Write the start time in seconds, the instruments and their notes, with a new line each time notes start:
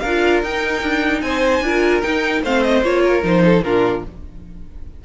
0.00 cello D4, violin A#4 F5
0.08 viola F4
0.43 cello D#4, viola D#4, violin G5
0.83 cello D4
1.21 cello C4, violin C5 G#5
1.61 cello D4, viola F4, violin A#4
2.02 viola D#4, cello D#4, violin G5
2.43 cello A3, viola C4, violin C5 F5
2.63 violin D#5
2.83 cello A#3, viola F4, violin C#5
3.04 violin A#4
3.23 cello F3, viola D#4, violin C5
3.45 violin A4
3.62 cello A#2, viola D4, violin F4 A#4